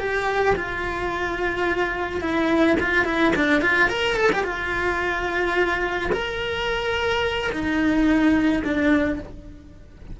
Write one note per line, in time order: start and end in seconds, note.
0.00 0.56 G4
0.56 2.21 F4
2.21 2.77 E4
2.80 3.05 F4
3.05 3.33 E4
3.36 3.62 D4
3.62 3.89 F4
3.89 4.17 A#4
4.17 4.31 A4
4.33 4.44 G4
4.44 6.11 F4
6.12 7.51 A#4
7.52 8.63 D#4
8.65 9.20 D4